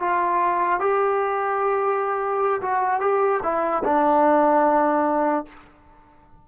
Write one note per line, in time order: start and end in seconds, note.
0.00 0.80 F4
0.80 2.61 G4
2.62 3.00 F#4
3.00 3.41 G4
3.43 3.83 E4
3.84 5.45 D4